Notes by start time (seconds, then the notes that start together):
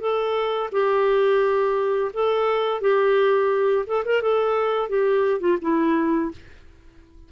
0.00 A4
0.72 G4
2.13 A4
2.81 G4
3.87 A4
4.05 A#4
4.22 A4
4.89 G4
5.40 F4
5.61 E4